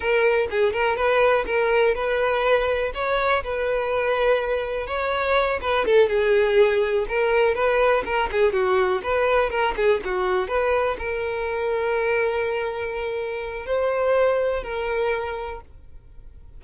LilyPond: \new Staff \with { instrumentName = "violin" } { \time 4/4 \tempo 4 = 123 ais'4 gis'8 ais'8 b'4 ais'4 | b'2 cis''4 b'4~ | b'2 cis''4. b'8 | a'8 gis'2 ais'4 b'8~ |
b'8 ais'8 gis'8 fis'4 b'4 ais'8 | gis'8 fis'4 b'4 ais'4.~ | ais'1 | c''2 ais'2 | }